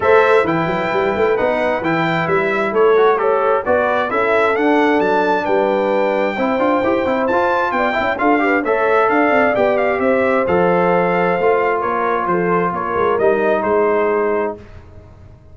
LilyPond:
<<
  \new Staff \with { instrumentName = "trumpet" } { \time 4/4 \tempo 4 = 132 e''4 g''2 fis''4 | g''4 e''4 cis''4 a'4 | d''4 e''4 fis''4 a''4 | g''1 |
a''4 g''4 f''4 e''4 | f''4 g''8 f''8 e''4 f''4~ | f''2 cis''4 c''4 | cis''4 dis''4 c''2 | }
  \new Staff \with { instrumentName = "horn" } { \time 4/4 c''4 b'2.~ | b'2 a'4 cis''4 | b'4 a'2. | b'2 c''2~ |
c''4 d''8 e''8 a'8 b'8 cis''4 | d''2 c''2~ | c''2 ais'4 a'4 | ais'2 gis'2 | }
  \new Staff \with { instrumentName = "trombone" } { \time 4/4 a'4 e'2 dis'4 | e'2~ e'8 fis'8 g'4 | fis'4 e'4 d'2~ | d'2 e'8 f'8 g'8 e'8 |
f'4. e'8 f'8 g'8 a'4~ | a'4 g'2 a'4~ | a'4 f'2.~ | f'4 dis'2. | }
  \new Staff \with { instrumentName = "tuba" } { \time 4/4 a4 e8 fis8 g8 a8 b4 | e4 g4 a2 | b4 cis'4 d'4 fis4 | g2 c'8 d'8 e'8 c'8 |
f'4 b8 cis'8 d'4 a4 | d'8 c'8 b4 c'4 f4~ | f4 a4 ais4 f4 | ais8 gis8 g4 gis2 | }
>>